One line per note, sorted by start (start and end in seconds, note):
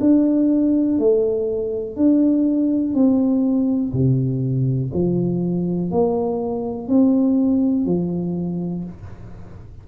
0.00 0.98 D4
0.98 1.96 A3
1.96 2.94 D4
2.94 3.93 C4
3.93 4.91 C3
4.94 5.91 F3
5.91 6.88 A#3
6.88 7.86 C4
7.86 8.84 F3